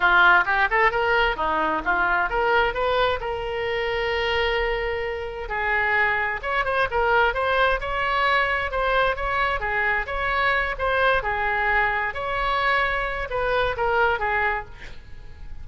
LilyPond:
\new Staff \with { instrumentName = "oboe" } { \time 4/4 \tempo 4 = 131 f'4 g'8 a'8 ais'4 dis'4 | f'4 ais'4 b'4 ais'4~ | ais'1 | gis'2 cis''8 c''8 ais'4 |
c''4 cis''2 c''4 | cis''4 gis'4 cis''4. c''8~ | c''8 gis'2 cis''4.~ | cis''4 b'4 ais'4 gis'4 | }